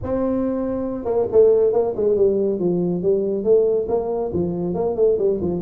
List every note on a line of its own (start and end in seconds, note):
0.02 1.05 C4
1.05 1.26 A#3
1.31 1.73 A3
1.73 1.94 A#3
1.95 2.15 G#3
2.15 2.59 G3
2.59 3.02 F3
3.02 3.44 G3
3.44 3.87 A3
3.88 4.31 A#3
4.33 4.74 F3
4.74 4.96 A#3
4.96 5.17 A3
5.18 5.40 G3
5.41 5.61 F3